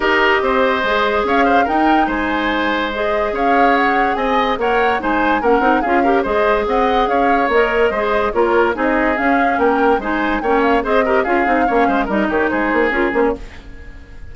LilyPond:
<<
  \new Staff \with { instrumentName = "flute" } { \time 4/4 \tempo 4 = 144 dis''2. f''4 | g''4 gis''2 dis''4 | f''4 fis''4 gis''4 fis''4 | gis''4 fis''4 f''4 dis''4 |
fis''4 f''4 dis''2 | cis''4 dis''4 f''4 g''4 | gis''4 g''8 f''8 dis''4 f''4~ | f''4 dis''8 cis''8 c''4 ais'8 c''16 cis''16 | }
  \new Staff \with { instrumentName = "oboe" } { \time 4/4 ais'4 c''2 cis''8 c''8 | ais'4 c''2. | cis''2 dis''4 cis''4 | c''4 ais'4 gis'8 ais'8 c''4 |
dis''4 cis''2 c''4 | ais'4 gis'2 ais'4 | c''4 cis''4 c''8 ais'8 gis'4 | cis''8 c''8 ais'8 g'8 gis'2 | }
  \new Staff \with { instrumentName = "clarinet" } { \time 4/4 g'2 gis'2 | dis'2. gis'4~ | gis'2. ais'4 | dis'4 cis'8 dis'8 f'8 g'8 gis'4~ |
gis'2 ais'4 gis'4 | f'4 dis'4 cis'2 | dis'4 cis'4 gis'8 g'8 f'8 dis'8 | cis'4 dis'2 f'8 cis'8 | }
  \new Staff \with { instrumentName = "bassoon" } { \time 4/4 dis'4 c'4 gis4 cis'4 | dis'4 gis2. | cis'2 c'4 ais4 | gis4 ais8 c'8 cis'4 gis4 |
c'4 cis'4 ais4 gis4 | ais4 c'4 cis'4 ais4 | gis4 ais4 c'4 cis'8 c'8 | ais8 gis8 g8 dis8 gis8 ais8 cis'8 ais8 | }
>>